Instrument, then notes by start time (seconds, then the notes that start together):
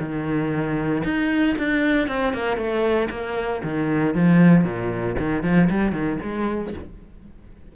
cello
0.00 D#3
1.04 D#4
1.59 D4
2.08 C4
2.34 A#3
2.57 A3
3.11 A#3
3.64 D#3
4.15 F3
4.65 A#2
5.19 D#3
5.44 F3
5.70 G3
5.93 D#3
6.22 G#3